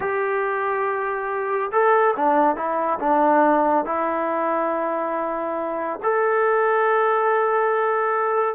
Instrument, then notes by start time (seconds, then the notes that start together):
trombone
0.00 G4
1.72 A4
2.15 D4
2.56 E4
2.99 D4
3.85 E4
6.02 A4